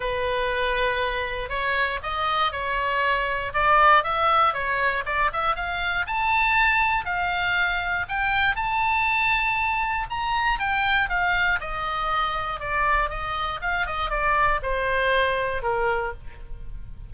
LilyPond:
\new Staff \with { instrumentName = "oboe" } { \time 4/4 \tempo 4 = 119 b'2. cis''4 | dis''4 cis''2 d''4 | e''4 cis''4 d''8 e''8 f''4 | a''2 f''2 |
g''4 a''2. | ais''4 g''4 f''4 dis''4~ | dis''4 d''4 dis''4 f''8 dis''8 | d''4 c''2 ais'4 | }